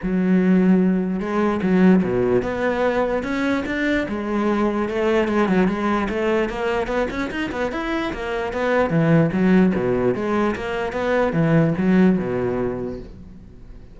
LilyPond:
\new Staff \with { instrumentName = "cello" } { \time 4/4 \tempo 4 = 148 fis2. gis4 | fis4 b,4 b2 | cis'4 d'4 gis2 | a4 gis8 fis8 gis4 a4 |
ais4 b8 cis'8 dis'8 b8 e'4 | ais4 b4 e4 fis4 | b,4 gis4 ais4 b4 | e4 fis4 b,2 | }